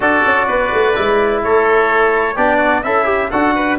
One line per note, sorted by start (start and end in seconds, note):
0.00 0.22 D4
0.00 0.94 F#4
0.00 0.46 A4
0.00 1.42 D5
0.25 0.48 C#4
0.47 0.71 B3
0.47 1.41 B4
0.73 0.96 A3
0.94 1.43 G#3
0.94 2.36 E4
1.42 2.36 A3
1.42 2.35 A4
1.42 2.37 C#5
2.35 2.83 B3
2.35 2.84 D4
2.35 2.56 G4
2.35 2.83 D5
2.56 2.80 F#4
2.83 3.31 C#4
2.83 3.30 E4
2.83 3.04 A4
2.83 3.30 E5
3.04 3.28 G4
3.30 3.78 D4
3.30 3.78 F#4
3.30 3.54 A4
3.30 3.78 F#5
3.55 3.78 B4